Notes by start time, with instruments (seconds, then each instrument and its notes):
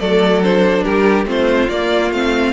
0.00 cello F#3, viola A3, violin A4 D5
0.43 viola D4, violin C5
0.83 cello G3, violin G4 A#4
1.26 cello A3, viola C4, violin F4 C5
1.68 cello A#3, viola A#3, violin D5
2.10 cello A3, viola C4, violin F5